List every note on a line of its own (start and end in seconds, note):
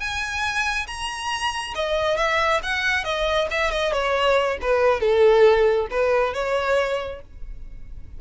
0.00 0.87 G#5
0.87 1.74 A#5
1.75 2.17 D#5
2.17 2.61 E5
2.63 3.05 F#5
3.05 3.48 D#5
3.51 3.71 E5
3.71 3.93 D#5
3.93 4.58 C#5
4.62 5.01 B4
5.01 5.88 A4
5.91 6.34 B4
6.34 7.21 C#5